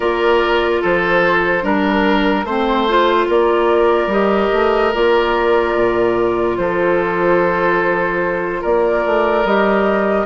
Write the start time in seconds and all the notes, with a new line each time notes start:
0.00 A#3 F4 A#4 D5
0.81 F3 A4 C5
1.62 G3 D4 A#4
2.44 A3 C4 C5
2.88 F4
3.28 A#3 A#4 D5
4.06 G3 G4 D#5
4.53 A3
4.93 A#3 F4 D5
5.75 A#2
6.57 F3 A4 C5
8.61 A#3 A#4 D5
9.05 A3
9.45 G3 G4 D#5